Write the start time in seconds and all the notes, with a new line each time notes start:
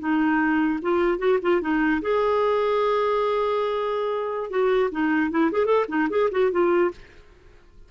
0.00 D#4
0.82 F4
1.19 F#4
1.42 F4
1.62 D#4
2.02 G#4
4.51 F#4
4.92 D#4
5.31 E4
5.52 G#4
5.66 A4
5.89 D#4
6.10 G#4
6.32 F#4
6.51 F4